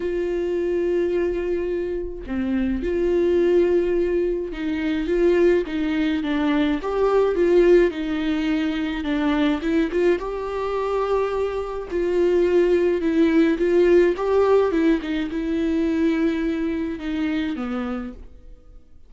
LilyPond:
\new Staff \with { instrumentName = "viola" } { \time 4/4 \tempo 4 = 106 f'1 | c'4 f'2. | dis'4 f'4 dis'4 d'4 | g'4 f'4 dis'2 |
d'4 e'8 f'8 g'2~ | g'4 f'2 e'4 | f'4 g'4 e'8 dis'8 e'4~ | e'2 dis'4 b4 | }